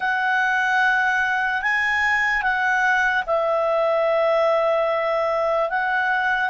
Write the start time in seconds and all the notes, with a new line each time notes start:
0.00 F#5
1.62 G#5
2.42 F#5
3.26 E5
5.69 F#5